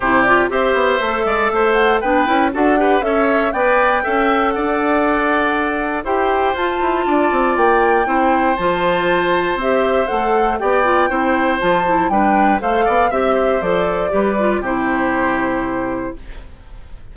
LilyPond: <<
  \new Staff \with { instrumentName = "flute" } { \time 4/4 \tempo 4 = 119 c''8 d''8 e''2~ e''8 fis''8 | g''4 fis''4 e''4 g''4~ | g''4 fis''2. | g''4 a''2 g''4~ |
g''4 a''2 e''4 | fis''4 g''2 a''4 | g''4 f''4 e''4 d''4~ | d''4 c''2. | }
  \new Staff \with { instrumentName = "oboe" } { \time 4/4 g'4 c''4. d''8 c''4 | b'4 a'8 b'8 cis''4 d''4 | e''4 d''2. | c''2 d''2 |
c''1~ | c''4 d''4 c''2 | b'4 c''8 d''8 e''8 c''4. | b'4 g'2. | }
  \new Staff \with { instrumentName = "clarinet" } { \time 4/4 e'8 f'8 g'4 a'2 | d'8 e'8 fis'8 g'8 a'4 b'4 | a'1 | g'4 f'2. |
e'4 f'2 g'4 | a'4 g'8 f'8 e'4 f'8 e'8 | d'4 a'4 g'4 a'4 | g'8 f'8 e'2. | }
  \new Staff \with { instrumentName = "bassoon" } { \time 4/4 c4 c'8 b8 a8 gis8 a4 | b8 cis'8 d'4 cis'4 b4 | cis'4 d'2. | e'4 f'8 e'8 d'8 c'8 ais4 |
c'4 f2 c'4 | a4 b4 c'4 f4 | g4 a8 b8 c'4 f4 | g4 c2. | }
>>